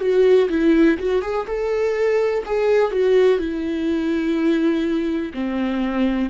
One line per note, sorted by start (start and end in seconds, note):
0.00 0.48 F#4
0.50 0.98 E4
0.99 1.22 F#4
1.22 1.46 G#4
1.47 2.44 A4
2.46 2.91 G#4
2.91 3.39 F#4
3.39 5.32 E4
5.34 6.30 C4